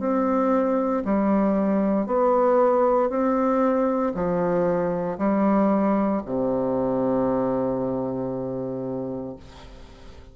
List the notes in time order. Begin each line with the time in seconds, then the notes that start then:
0.00 C4
1.05 G3
2.06 B3
3.09 C4
4.14 F3
5.18 G3
6.26 C3